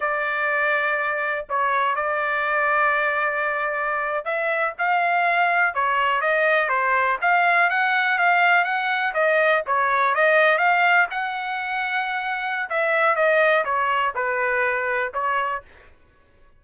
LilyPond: \new Staff \with { instrumentName = "trumpet" } { \time 4/4 \tempo 4 = 123 d''2. cis''4 | d''1~ | d''8. e''4 f''2 cis''16~ | cis''8. dis''4 c''4 f''4 fis''16~ |
fis''8. f''4 fis''4 dis''4 cis''16~ | cis''8. dis''4 f''4 fis''4~ fis''16~ | fis''2 e''4 dis''4 | cis''4 b'2 cis''4 | }